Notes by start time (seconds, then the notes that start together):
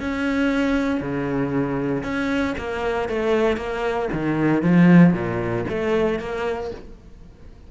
0.00 C#4
1.01 C#3
2.03 C#4
2.58 A#3
3.09 A3
3.57 A#3
4.13 D#3
4.62 F3
5.13 A#2
5.69 A3
6.19 A#3